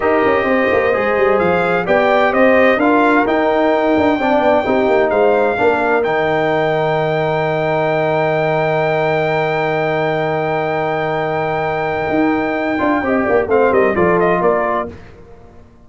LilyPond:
<<
  \new Staff \with { instrumentName = "trumpet" } { \time 4/4 \tempo 4 = 129 dis''2. f''4 | g''4 dis''4 f''4 g''4~ | g''2. f''4~ | f''4 g''2.~ |
g''1~ | g''1~ | g''1~ | g''4 f''8 dis''8 d''8 dis''8 d''4 | }
  \new Staff \with { instrumentName = "horn" } { \time 4/4 ais'4 c''2. | d''4 c''4 ais'2~ | ais'4 d''4 g'4 c''4 | ais'1~ |
ais'1~ | ais'1~ | ais'1 | dis''8 d''8 c''8 ais'8 a'4 ais'4 | }
  \new Staff \with { instrumentName = "trombone" } { \time 4/4 g'2 gis'2 | g'2 f'4 dis'4~ | dis'4 d'4 dis'2 | d'4 dis'2.~ |
dis'1~ | dis'1~ | dis'2.~ dis'8 f'8 | g'4 c'4 f'2 | }
  \new Staff \with { instrumentName = "tuba" } { \time 4/4 dis'8 cis'8 c'8 ais8 gis8 g8 f4 | b4 c'4 d'4 dis'4~ | dis'8 d'8 c'8 b8 c'8 ais8 gis4 | ais4 dis2.~ |
dis1~ | dis1~ | dis2 dis'4. d'8 | c'8 ais8 a8 g8 f4 ais4 | }
>>